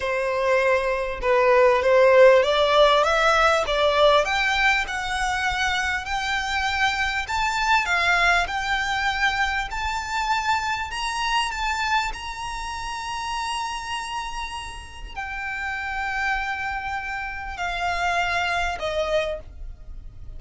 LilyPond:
\new Staff \with { instrumentName = "violin" } { \time 4/4 \tempo 4 = 99 c''2 b'4 c''4 | d''4 e''4 d''4 g''4 | fis''2 g''2 | a''4 f''4 g''2 |
a''2 ais''4 a''4 | ais''1~ | ais''4 g''2.~ | g''4 f''2 dis''4 | }